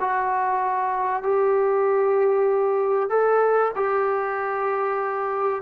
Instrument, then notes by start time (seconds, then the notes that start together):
trombone
0.00 F#4
1.23 G4
3.09 A4
3.75 G4